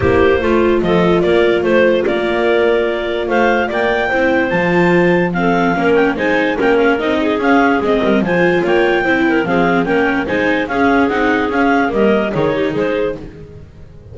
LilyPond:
<<
  \new Staff \with { instrumentName = "clarinet" } { \time 4/4 \tempo 4 = 146 c''2 dis''4 d''4 | c''4 d''2. | f''4 g''2 a''4~ | a''4 f''4. g''8 gis''4 |
g''8 f''8 dis''4 f''4 dis''4 | gis''4 g''2 f''4 | g''4 gis''4 f''4 fis''4 | f''4 dis''4 cis''4 c''4 | }
  \new Staff \with { instrumentName = "clarinet" } { \time 4/4 g'4 f'4 a'4 ais'4 | c''4 ais'2. | c''4 d''4 c''2~ | c''4 a'4 ais'4 c''4 |
ais'4. gis'2 ais'8 | c''4 cis''4 c''8 ais'8 gis'4 | ais'4 c''4 gis'2~ | gis'4 ais'4 gis'8 g'8 gis'4 | }
  \new Staff \with { instrumentName = "viola" } { \time 4/4 e'4 f'2.~ | f'1~ | f'2 e'4 f'4~ | f'4 c'4 cis'4 dis'4 |
cis'4 dis'4 cis'4 c'4 | f'2 e'4 c'4 | cis'4 dis'4 cis'4 dis'4 | cis'4 ais4 dis'2 | }
  \new Staff \with { instrumentName = "double bass" } { \time 4/4 ais4 a4 f4 ais4 | a4 ais2. | a4 ais4 c'4 f4~ | f2 ais4 gis4 |
ais4 c'4 cis'4 gis8 g8 | f4 ais4 c'4 f4 | ais4 gis4 cis'4 c'4 | cis'4 g4 dis4 gis4 | }
>>